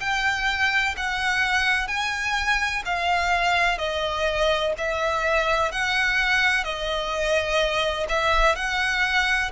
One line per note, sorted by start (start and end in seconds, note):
0.00 0.95 G5
0.97 1.88 F#5
1.88 2.83 G#5
2.85 3.78 F5
3.78 4.73 D#5
4.78 5.72 E5
5.72 6.64 F#5
6.64 8.07 D#5
8.09 8.55 E5
8.55 9.51 F#5